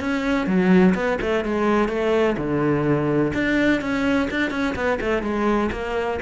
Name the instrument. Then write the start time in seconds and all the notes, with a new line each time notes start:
cello
0.00 C#4
0.47 F#3
0.94 B3
1.21 A3
1.44 G#3
1.89 A3
2.37 D3
3.33 D4
3.81 C#4
4.30 D4
4.51 C#4
4.75 B3
5.00 A3
5.22 G#3
5.72 A#3